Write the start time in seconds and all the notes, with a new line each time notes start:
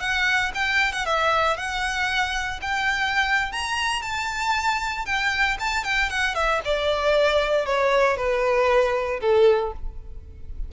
0.00 F#5
0.54 G5
0.93 F#5
1.06 E5
1.57 F#5
2.62 G5
3.52 A#5
4.02 A5
5.06 G5
5.60 A5
5.84 G5
6.10 F#5
6.35 E5
6.65 D5
7.66 C#5
8.17 B4
9.21 A4